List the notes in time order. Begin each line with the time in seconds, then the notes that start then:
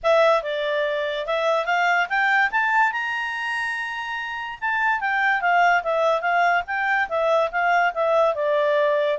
0.03 E5
0.43 D5
1.26 E5
1.65 F5
2.09 G5
2.51 A5
2.92 A#5
4.61 A5
5.00 G5
5.41 F5
5.83 E5
6.21 F5
6.66 G5
7.08 E5
7.51 F5
7.94 E5
8.34 D5